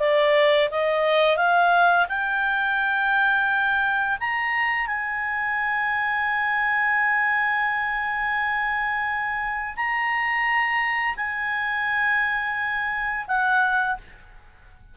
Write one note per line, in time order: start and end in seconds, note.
0.00 0.70 D5
0.71 1.37 D#5
1.37 2.07 F5
2.09 4.18 G5
4.20 4.87 A#5
4.87 9.75 G#5
9.76 11.16 A#5
11.17 13.26 G#5
13.28 13.98 F#5